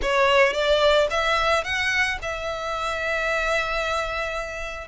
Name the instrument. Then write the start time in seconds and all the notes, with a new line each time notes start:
violin
0.02 C#5
0.53 D5
1.10 E5
1.64 F#5
2.21 E5